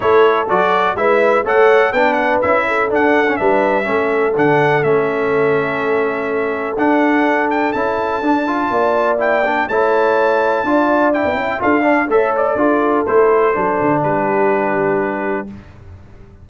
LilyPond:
<<
  \new Staff \with { instrumentName = "trumpet" } { \time 4/4 \tempo 4 = 124 cis''4 d''4 e''4 fis''4 | g''8 fis''8 e''4 fis''4 e''4~ | e''4 fis''4 e''2~ | e''2 fis''4. g''8 |
a''2. g''4 | a''2. g''4 | f''4 e''8 d''4. c''4~ | c''4 b'2. | }
  \new Staff \with { instrumentName = "horn" } { \time 4/4 a'2 b'4 cis''4 | b'4. a'4. b'4 | a'1~ | a'1~ |
a'2 d''2 | cis''2 d''4. e''8 | a'8 d''8 cis''4 a'2~ | a'4 g'2. | }
  \new Staff \with { instrumentName = "trombone" } { \time 4/4 e'4 fis'4 e'4 a'4 | d'4 e'4 d'8. cis'16 d'4 | cis'4 d'4 cis'2~ | cis'2 d'2 |
e'4 d'8 f'4. e'8 d'8 | e'2 f'4 e'4 | f'8 d'8 a'4 f'4 e'4 | d'1 | }
  \new Staff \with { instrumentName = "tuba" } { \time 4/4 a4 fis4 gis4 a4 | b4 cis'4 d'4 g4 | a4 d4 a2~ | a2 d'2 |
cis'4 d'4 ais2 | a2 d'4~ d'16 b16 cis'8 | d'4 a4 d'4 a4 | fis8 d8 g2. | }
>>